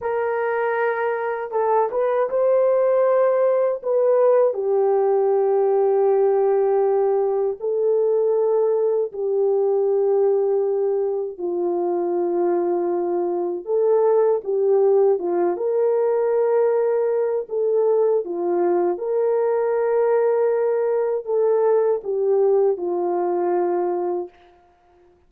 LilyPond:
\new Staff \with { instrumentName = "horn" } { \time 4/4 \tempo 4 = 79 ais'2 a'8 b'8 c''4~ | c''4 b'4 g'2~ | g'2 a'2 | g'2. f'4~ |
f'2 a'4 g'4 | f'8 ais'2~ ais'8 a'4 | f'4 ais'2. | a'4 g'4 f'2 | }